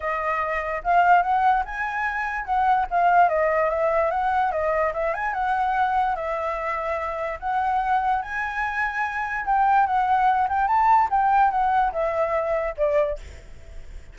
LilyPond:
\new Staff \with { instrumentName = "flute" } { \time 4/4 \tempo 4 = 146 dis''2 f''4 fis''4 | gis''2 fis''4 f''4 | dis''4 e''4 fis''4 dis''4 | e''8 gis''8 fis''2 e''4~ |
e''2 fis''2 | gis''2. g''4 | fis''4. g''8 a''4 g''4 | fis''4 e''2 d''4 | }